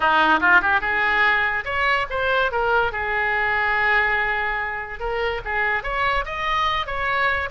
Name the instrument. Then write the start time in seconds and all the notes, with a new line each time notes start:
oboe
0.00 D#4
0.40 F4
0.61 G4
0.80 G#4
1.64 C#5
2.09 C5
2.51 A#4
2.92 G#4
4.99 A#4
5.44 G#4
5.83 C#5
6.25 D#5
6.86 C#5